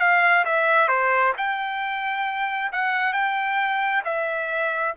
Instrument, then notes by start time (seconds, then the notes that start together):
trumpet
0.00 F5
0.45 E5
0.89 C5
1.38 G5
2.72 F#5
3.13 G5
4.05 E5